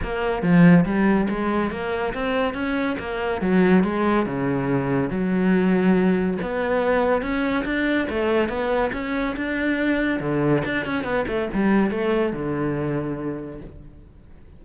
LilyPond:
\new Staff \with { instrumentName = "cello" } { \time 4/4 \tempo 4 = 141 ais4 f4 g4 gis4 | ais4 c'4 cis'4 ais4 | fis4 gis4 cis2 | fis2. b4~ |
b4 cis'4 d'4 a4 | b4 cis'4 d'2 | d4 d'8 cis'8 b8 a8 g4 | a4 d2. | }